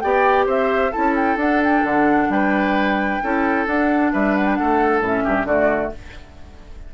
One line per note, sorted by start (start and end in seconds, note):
0.00 0.46 B3
0.00 0.92 G4
0.00 0.46 D5
0.00 0.45 G5
0.46 0.92 C4
0.46 0.91 C5
0.46 0.92 E5
0.91 1.36 C#4
0.91 1.37 E4
0.91 2.28 A4
0.91 1.15 A5
1.15 1.38 G5
1.36 1.81 D4
1.36 3.22 D4
1.36 1.63 F#5
1.64 1.86 G5
1.84 2.29 D3
1.84 2.31 F#5
2.29 3.20 G3
2.29 3.23 B4
2.29 3.67 G5
3.22 3.67 C#4
3.22 3.67 E4
3.22 4.12 A4
3.67 4.12 D4
3.67 5.02 D4
3.67 4.13 F#5
4.12 4.59 G3
4.12 4.58 B4
4.12 4.36 E5
4.36 4.47 F#5
4.47 4.55 G5
4.55 5.24 A4
4.55 5.00 F#5
4.61 5.01 A3
5.01 5.24 A2
5.01 5.48 C#4
5.01 5.47 E5
5.24 5.45 G2
5.24 5.46 G4
5.45 5.90 D3
5.45 5.94 A3
5.45 5.92 F#4
5.45 5.92 D5